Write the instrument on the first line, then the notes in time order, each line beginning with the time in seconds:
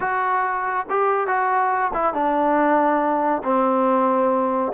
trombone
0.00 F#4
0.89 G4
1.27 F#4
1.93 E4
2.13 D4
3.43 C4